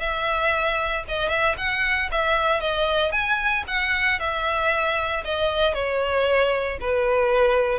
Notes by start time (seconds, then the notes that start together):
0.00 E5
1.08 D#5
1.29 E5
1.57 F#5
2.12 E5
2.60 D#5
3.12 G#5
3.67 F#5
4.20 E5
5.25 D#5
5.74 C#5
6.81 B4